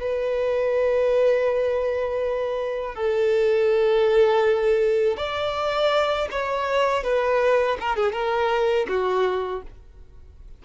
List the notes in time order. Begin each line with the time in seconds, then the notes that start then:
0.00 B4
2.95 A4
5.17 D5
6.31 C#5
7.04 B4
7.80 A#4
7.96 G#4
8.12 A#4
8.88 F#4